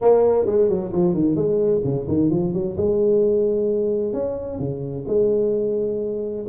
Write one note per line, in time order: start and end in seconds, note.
0.01 0.46 A#3
0.46 0.68 G#3
0.68 0.91 F#3
0.92 1.13 F3
1.13 1.35 D#3
1.35 1.81 G#3
1.84 2.07 C#3
2.08 2.30 D#3
2.30 2.53 F3
2.53 2.76 F#3
2.77 4.13 G#3
4.13 4.59 C#4
4.59 5.05 C#3
5.07 6.46 G#3